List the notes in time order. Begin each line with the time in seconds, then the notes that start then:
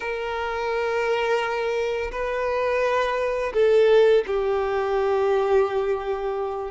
0.00 A#4
2.11 B4
3.53 A4
4.26 G4